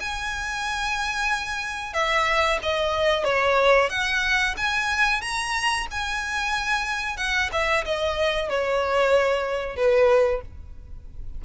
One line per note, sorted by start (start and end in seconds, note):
0.00 1.93 G#5
1.93 2.58 E5
2.62 3.24 D#5
3.24 3.89 C#5
3.89 4.54 F#5
4.57 5.21 G#5
5.21 5.86 A#5
5.91 7.17 G#5
7.17 7.49 F#5
7.52 7.84 E5
7.85 8.49 D#5
8.49 9.76 C#5
9.76 10.41 B4